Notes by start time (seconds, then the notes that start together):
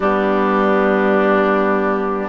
0.00 G3 B3 D4 G4